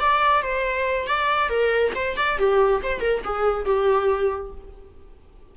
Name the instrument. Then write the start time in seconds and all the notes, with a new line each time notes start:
viola
0.00 D5
0.43 C5
1.07 D5
1.49 A#4
1.95 C5
2.17 D5
2.38 G4
2.83 C5
3.00 A#4
3.24 G#4
3.65 G4